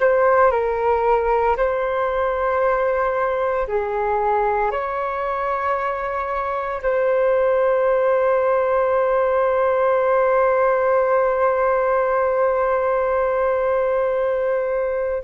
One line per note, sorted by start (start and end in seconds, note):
0.00 0.51 C5
0.51 1.56 A#4
1.56 3.67 C5
3.67 4.71 G#4
4.71 6.81 C#5
6.82 15.23 C5